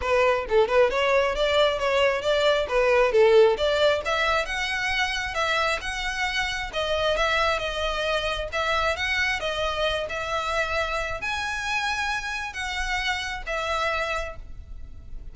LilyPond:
\new Staff \with { instrumentName = "violin" } { \time 4/4 \tempo 4 = 134 b'4 a'8 b'8 cis''4 d''4 | cis''4 d''4 b'4 a'4 | d''4 e''4 fis''2 | e''4 fis''2 dis''4 |
e''4 dis''2 e''4 | fis''4 dis''4. e''4.~ | e''4 gis''2. | fis''2 e''2 | }